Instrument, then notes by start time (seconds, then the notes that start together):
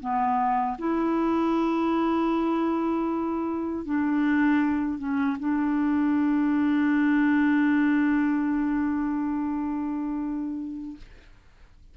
clarinet
0.00 B3
0.78 E4
3.85 D4
4.98 C#4
5.39 D4